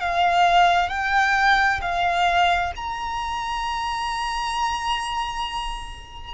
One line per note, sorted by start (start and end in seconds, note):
0.00 0.89 F5
0.89 1.80 G5
1.81 2.72 F5
2.75 6.34 A#5